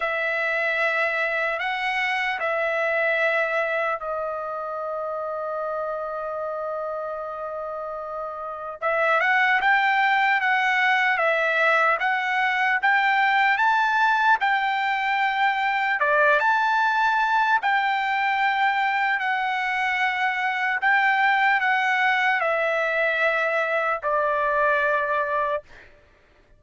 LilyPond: \new Staff \with { instrumentName = "trumpet" } { \time 4/4 \tempo 4 = 75 e''2 fis''4 e''4~ | e''4 dis''2.~ | dis''2. e''8 fis''8 | g''4 fis''4 e''4 fis''4 |
g''4 a''4 g''2 | d''8 a''4. g''2 | fis''2 g''4 fis''4 | e''2 d''2 | }